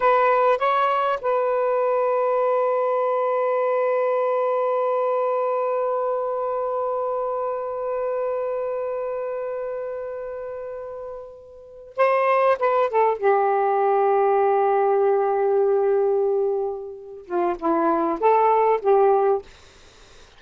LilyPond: \new Staff \with { instrumentName = "saxophone" } { \time 4/4 \tempo 4 = 99 b'4 cis''4 b'2~ | b'1~ | b'1~ | b'1~ |
b'2.~ b'8. c''16~ | c''8. b'8 a'8 g'2~ g'16~ | g'1~ | g'8 f'8 e'4 a'4 g'4 | }